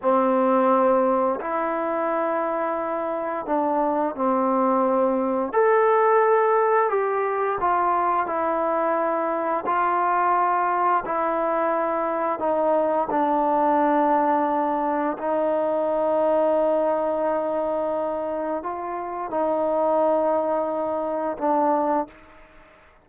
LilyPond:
\new Staff \with { instrumentName = "trombone" } { \time 4/4 \tempo 4 = 87 c'2 e'2~ | e'4 d'4 c'2 | a'2 g'4 f'4 | e'2 f'2 |
e'2 dis'4 d'4~ | d'2 dis'2~ | dis'2. f'4 | dis'2. d'4 | }